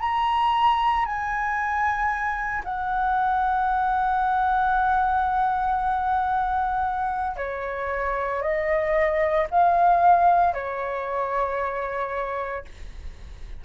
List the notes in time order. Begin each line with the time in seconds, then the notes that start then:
0.00 A#5
1.05 G#5
2.64 F#5
7.36 C#5
8.42 D#5
9.50 F5
10.54 C#5